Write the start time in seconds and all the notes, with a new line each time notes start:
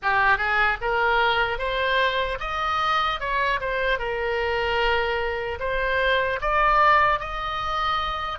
0.02 G4
0.37 G#4
0.81 A#4
1.58 C5
2.40 D#5
3.20 C#5
3.60 C5
3.98 A#4
5.59 C5
6.41 D5
7.19 D#5